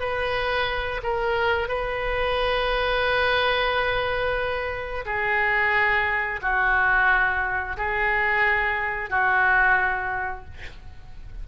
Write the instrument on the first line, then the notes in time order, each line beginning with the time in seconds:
oboe
0.00 B4
1.03 A#4
1.68 B4
5.06 G#4
6.42 F#4
7.77 G#4
9.10 F#4